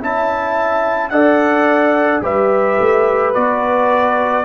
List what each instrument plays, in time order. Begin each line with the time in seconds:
0.00 tuba C#4, trombone E4, horn E5, trumpet A5
1.09 tuba D4, trombone A4, horn D5, trumpet F#5
2.21 tuba G3, trombone G4, horn B4, trumpet E5
2.80 tuba A3
3.33 tuba B3, trombone F#4, trumpet D5